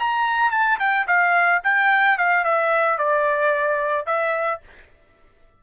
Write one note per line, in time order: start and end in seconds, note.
0.00 0.52 A#5
0.52 0.79 A5
0.80 1.07 G5
1.08 1.62 F5
1.64 2.18 G5
2.18 2.45 F5
2.45 2.99 E5
2.99 4.07 D5
4.07 4.61 E5